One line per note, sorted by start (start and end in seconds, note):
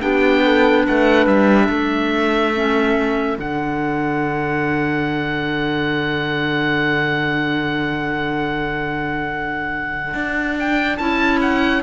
0.00 0.86 B3
0.00 2.54 D4
0.00 0.43 G4
0.00 0.85 G5
0.43 0.85 A4
0.85 1.26 A3
0.85 1.66 B4
0.85 1.26 F#5
1.26 1.68 G3
1.26 3.38 E5
1.66 3.37 A3
1.66 11.80 A4
2.54 3.37 C#4
3.37 10.14 D3
3.37 10.98 D4
3.37 10.57 F#5
10.14 10.98 D4
10.59 10.97 G5
10.97 11.82 C#4
10.97 11.82 E4
10.97 11.39 A5
11.41 11.82 F#5